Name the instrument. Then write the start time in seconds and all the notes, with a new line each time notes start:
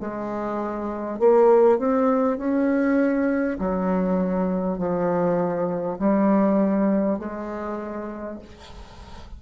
bassoon
0.00 G#3
1.19 A#3
1.78 C4
2.38 C#4
3.58 F#3
4.78 F3
5.99 G3
7.19 G#3